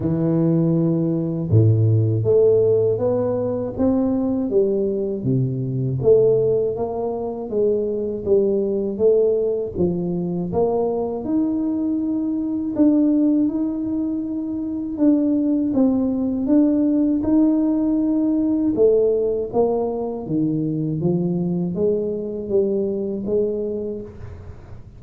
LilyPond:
\new Staff \with { instrumentName = "tuba" } { \time 4/4 \tempo 4 = 80 e2 a,4 a4 | b4 c'4 g4 c4 | a4 ais4 gis4 g4 | a4 f4 ais4 dis'4~ |
dis'4 d'4 dis'2 | d'4 c'4 d'4 dis'4~ | dis'4 a4 ais4 dis4 | f4 gis4 g4 gis4 | }